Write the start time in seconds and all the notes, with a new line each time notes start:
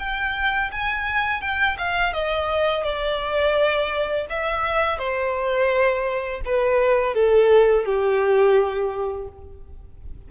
0.00 G5
0.72 G#5
1.42 G5
1.78 F5
2.14 D#5
2.84 D5
4.30 E5
4.99 C5
6.46 B4
7.15 A4
7.86 G4